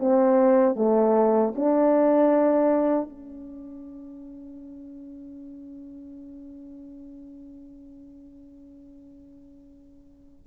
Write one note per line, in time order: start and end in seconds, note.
0.00 0.76 C4
0.76 1.54 A3
1.55 3.10 D4
3.10 10.47 C#4